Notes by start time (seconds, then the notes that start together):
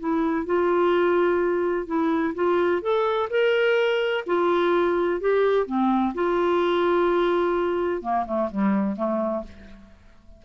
0.00 E4
0.46 F4
1.87 E4
2.35 F4
2.82 A4
3.30 A#4
4.26 F4
5.21 G4
5.66 C4
6.15 F4
8.02 A#3
8.26 A3
8.51 G3
8.97 A3